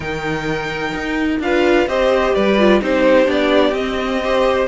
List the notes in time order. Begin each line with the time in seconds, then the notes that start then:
0.00 D#3 D#4 A#4 G5
0.94 D#4
1.39 D4 F4 B4 F5
1.87 C4 G4 C5 D#5
2.34 G3 B4 D5
2.58 F4
2.80 C4 D#4 G4 C5
3.25 B3 D4 D5
3.72 C4 D#5
4.23 G4 C5